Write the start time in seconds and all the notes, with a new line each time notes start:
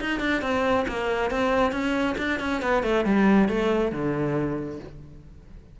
0.00 D#4
0.20 D4
0.42 C4
0.88 A#3
1.30 C4
1.72 C#4
2.18 D4
2.40 C#4
2.62 B3
2.83 A3
3.05 G3
3.49 A3
3.92 D3